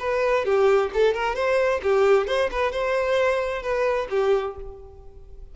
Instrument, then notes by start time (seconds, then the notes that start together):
violin
0.00 B4
0.45 G4
0.94 A4
1.14 A#4
1.36 C5
1.83 G4
2.28 C5
2.52 B4
2.73 C5
3.63 B4
4.10 G4